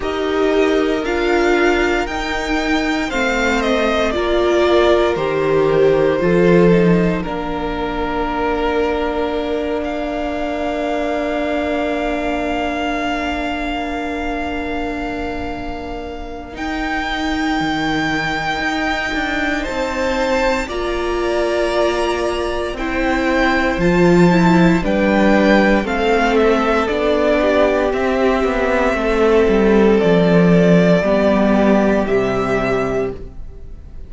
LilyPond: <<
  \new Staff \with { instrumentName = "violin" } { \time 4/4 \tempo 4 = 58 dis''4 f''4 g''4 f''8 dis''8 | d''4 c''2 ais'4~ | ais'4. f''2~ f''8~ | f''1 |
g''2. a''4 | ais''2 g''4 a''4 | g''4 f''8 e''8 d''4 e''4~ | e''4 d''2 e''4 | }
  \new Staff \with { instrumentName = "violin" } { \time 4/4 ais'2. c''4 | ais'2 a'4 ais'4~ | ais'1~ | ais'1~ |
ais'2. c''4 | d''2 c''2 | b'4 a'4. g'4. | a'2 g'2 | }
  \new Staff \with { instrumentName = "viola" } { \time 4/4 g'4 f'4 dis'4 c'4 | f'4 g'4 f'8 dis'8 d'4~ | d'1~ | d'1 |
dis'1 | f'2 e'4 f'8 e'8 | d'4 c'4 d'4 c'4~ | c'2 b4 g4 | }
  \new Staff \with { instrumentName = "cello" } { \time 4/4 dis'4 d'4 dis'4 a4 | ais4 dis4 f4 ais4~ | ais1~ | ais1 |
dis'4 dis4 dis'8 d'8 c'4 | ais2 c'4 f4 | g4 a4 b4 c'8 b8 | a8 g8 f4 g4 c4 | }
>>